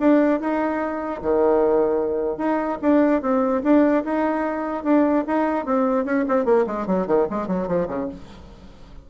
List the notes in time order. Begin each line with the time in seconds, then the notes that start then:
0.00 D4
0.41 D#4
1.22 D#3
2.38 D#4
2.82 D4
3.22 C4
3.64 D4
4.05 D#4
4.84 D4
5.27 D#4
5.66 C4
6.05 C#4
6.29 C4
6.46 A#3
6.67 G#3
6.87 F#3
7.07 D#3
7.30 G#3
7.48 F#3
7.68 F3
7.88 C#3